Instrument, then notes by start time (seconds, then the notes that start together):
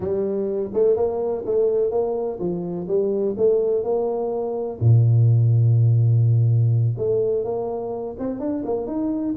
tuba
0.00 G3
0.73 A3
0.96 A#3
1.45 A3
1.90 A#3
2.39 F3
2.87 G3
3.37 A3
3.83 A#3
4.79 A#2
6.97 A3
7.44 A#3
8.18 C4
8.39 D4
8.65 A#3
8.86 D#4